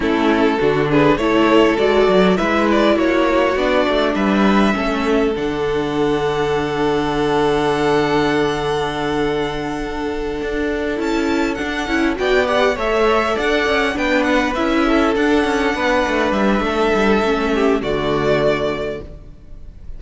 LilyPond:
<<
  \new Staff \with { instrumentName = "violin" } { \time 4/4 \tempo 4 = 101 a'4. b'8 cis''4 d''4 | e''8 d''8 cis''4 d''4 e''4~ | e''4 fis''2.~ | fis''1~ |
fis''2~ fis''8 a''4 fis''8~ | fis''8 g''8 fis''8 e''4 fis''4 g''8 | fis''8 e''4 fis''2 e''8~ | e''2 d''2 | }
  \new Staff \with { instrumentName = "violin" } { \time 4/4 e'4 fis'8 gis'8 a'2 | b'4 fis'2 b'4 | a'1~ | a'1~ |
a'1~ | a'8 d''4 cis''4 d''4 b'8~ | b'4 a'4. b'4. | a'4. g'8 fis'2 | }
  \new Staff \with { instrumentName = "viola" } { \time 4/4 cis'4 d'4 e'4 fis'4 | e'2 d'2 | cis'4 d'2.~ | d'1~ |
d'2~ d'8 e'4 d'8 | e'8 fis'8 g'8 a'2 d'8~ | d'8 e'4 d'2~ d'8~ | d'4 cis'4 a2 | }
  \new Staff \with { instrumentName = "cello" } { \time 4/4 a4 d4 a4 gis8 fis8 | gis4 ais4 b8 a8 g4 | a4 d2.~ | d1~ |
d4. d'4 cis'4 d'8 | cis'8 b4 a4 d'8 cis'8 b8~ | b8 cis'4 d'8 cis'8 b8 a8 g8 | a8 g8 a4 d2 | }
>>